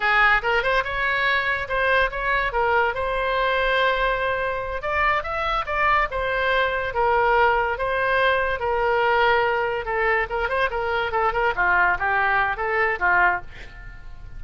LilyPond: \new Staff \with { instrumentName = "oboe" } { \time 4/4 \tempo 4 = 143 gis'4 ais'8 c''8 cis''2 | c''4 cis''4 ais'4 c''4~ | c''2.~ c''8 d''8~ | d''8 e''4 d''4 c''4.~ |
c''8 ais'2 c''4.~ | c''8 ais'2. a'8~ | a'8 ais'8 c''8 ais'4 a'8 ais'8 f'8~ | f'8 g'4. a'4 f'4 | }